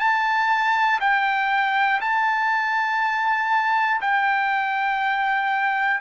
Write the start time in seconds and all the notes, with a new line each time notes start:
0.00 A5
1.01 G5
2.01 A5
4.02 G5